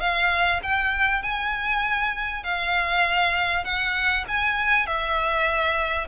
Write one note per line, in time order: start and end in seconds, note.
0.00 0.61 F5
0.63 1.22 G5
1.22 2.43 G#5
2.43 3.64 F5
3.64 4.25 F#5
4.28 4.86 G#5
4.86 6.07 E5